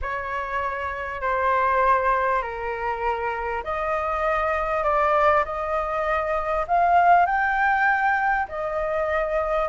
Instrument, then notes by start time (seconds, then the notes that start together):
flute
0.01 C#5
1.21 C5
2.42 A#4
3.64 D#5
4.83 D5
5.45 D#5
6.67 F5
7.26 G5
8.48 D#5